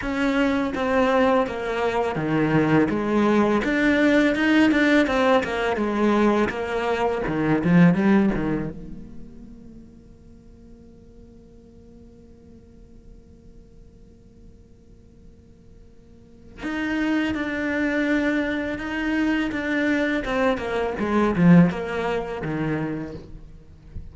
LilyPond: \new Staff \with { instrumentName = "cello" } { \time 4/4 \tempo 4 = 83 cis'4 c'4 ais4 dis4 | gis4 d'4 dis'8 d'8 c'8 ais8 | gis4 ais4 dis8 f8 g8 dis8 | ais1~ |
ais1~ | ais2. dis'4 | d'2 dis'4 d'4 | c'8 ais8 gis8 f8 ais4 dis4 | }